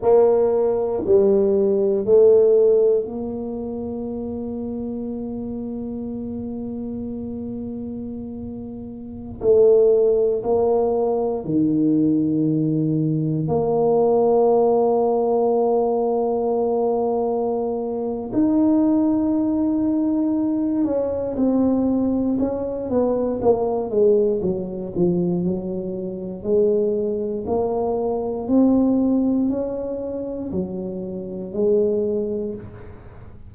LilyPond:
\new Staff \with { instrumentName = "tuba" } { \time 4/4 \tempo 4 = 59 ais4 g4 a4 ais4~ | ais1~ | ais4~ ais16 a4 ais4 dis8.~ | dis4~ dis16 ais2~ ais8.~ |
ais2 dis'2~ | dis'8 cis'8 c'4 cis'8 b8 ais8 gis8 | fis8 f8 fis4 gis4 ais4 | c'4 cis'4 fis4 gis4 | }